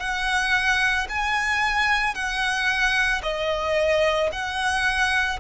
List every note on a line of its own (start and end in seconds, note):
0.00 1.07 F#5
1.09 2.15 G#5
2.15 3.22 F#5
3.23 4.30 D#5
4.32 5.40 F#5